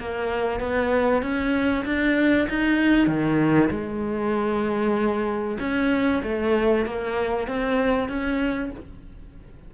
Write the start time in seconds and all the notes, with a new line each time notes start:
0.00 A#3
0.60 B3
1.23 C#4
1.85 D4
2.49 D#4
3.07 D#3
3.71 G#3
5.60 C#4
6.24 A3
6.86 A#3
7.48 C4
8.09 C#4